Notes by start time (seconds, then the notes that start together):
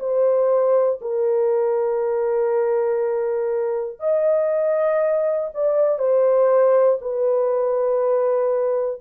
0.00 C5
1.01 A#4
4.00 D#5
5.55 D5
5.99 C5
7.02 B4